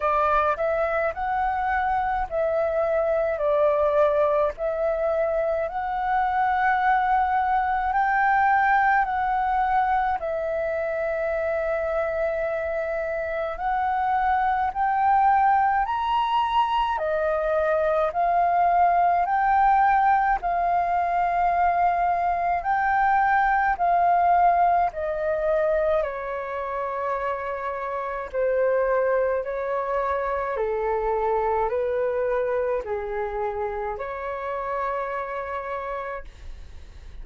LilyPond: \new Staff \with { instrumentName = "flute" } { \time 4/4 \tempo 4 = 53 d''8 e''8 fis''4 e''4 d''4 | e''4 fis''2 g''4 | fis''4 e''2. | fis''4 g''4 ais''4 dis''4 |
f''4 g''4 f''2 | g''4 f''4 dis''4 cis''4~ | cis''4 c''4 cis''4 a'4 | b'4 gis'4 cis''2 | }